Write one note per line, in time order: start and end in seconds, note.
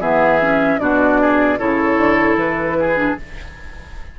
0.00 0.79 E3
0.00 0.40 B3
0.00 0.80 G#4
0.00 0.80 E5
0.42 0.80 C#4
0.80 1.59 B2
0.80 1.59 D4
0.80 1.22 F#4
0.80 1.59 D5
1.22 1.59 G#4
1.59 1.97 C#3
1.59 2.96 E4
1.59 2.78 A4
1.59 2.38 C#5
1.97 2.37 D3
2.37 3.16 E3
2.37 3.17 B4
2.80 3.20 G#4
2.96 3.16 D4